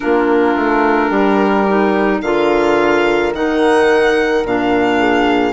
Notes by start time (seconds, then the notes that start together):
0.00 A#3 D4 F4 A#4
0.55 A3
1.08 G3 G4
1.68 D#4
2.21 D3 F4 A#4 F5
3.32 D#3 D#4 F#5
4.44 A#2 D4 F5
4.99 G#4